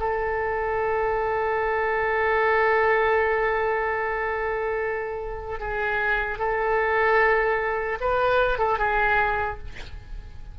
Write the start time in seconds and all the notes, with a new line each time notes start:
0.00 A4
5.60 G#4
6.39 A4
8.01 B4
8.59 A4
8.79 G#4